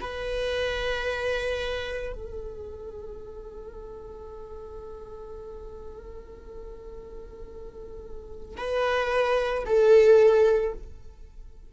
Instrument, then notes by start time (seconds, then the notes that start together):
viola
0.00 B4
2.13 A4
8.57 B4
9.66 A4